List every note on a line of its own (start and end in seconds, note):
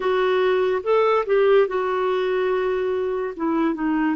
0.00 0.82 F#4
0.83 1.25 A4
1.26 1.67 G4
1.67 3.34 F#4
3.36 3.74 E4
3.74 4.15 D#4